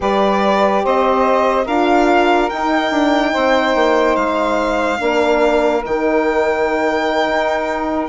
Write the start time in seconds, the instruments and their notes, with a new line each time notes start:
0.00 bassoon G3, horn G4, saxophone B4, violin D5
0.83 bassoon C4, saxophone C5, violin D#5
1.64 bassoon D4, horn F4, saxophone A#4, violin F5
2.49 horn D#4, bassoon D#4, violin G5
2.91 bassoon D4
3.32 bassoon C4, saxophone C5
3.75 bassoon A#3
4.16 bassoon G#3, violin F5
4.98 bassoon A#3, horn D4, saxophone A#4
5.84 bassoon D#3, horn D#4, violin G5
7.28 bassoon D#4